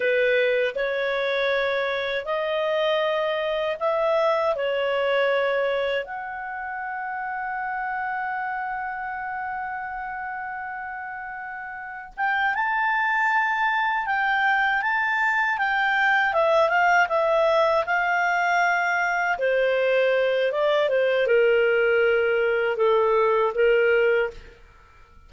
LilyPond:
\new Staff \with { instrumentName = "clarinet" } { \time 4/4 \tempo 4 = 79 b'4 cis''2 dis''4~ | dis''4 e''4 cis''2 | fis''1~ | fis''1 |
g''8 a''2 g''4 a''8~ | a''8 g''4 e''8 f''8 e''4 f''8~ | f''4. c''4. d''8 c''8 | ais'2 a'4 ais'4 | }